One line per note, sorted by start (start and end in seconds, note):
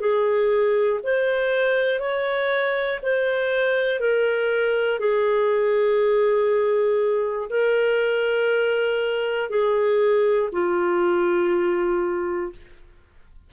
0.00 1.00 G#4
1.03 2.00 C5
2.00 3.00 C#5
3.03 4.00 C5
4.00 5.00 A#4
5.00 7.50 G#4
7.50 9.50 A#4
9.50 10.50 G#4
10.52 12.52 F4